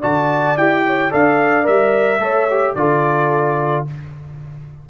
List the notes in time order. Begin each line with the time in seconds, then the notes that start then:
0.00 D3 F#4 D5 A5
0.57 E4 G4 G5
0.86 C#5
1.11 D4 A4 D5 F5
1.64 G3 A#4 E5
2.19 A3 A4 C#5
2.50 G4
2.75 D3 F4 A4 D5